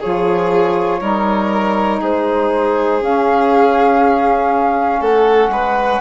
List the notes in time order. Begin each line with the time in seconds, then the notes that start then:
0.00 F3 F4 G#4 C#5
1.00 G3 D#4 A#4
2.00 G#3 G#4 C5
3.01 C#4 F5
5.01 A3 A4 F#5
5.49 G#3 B4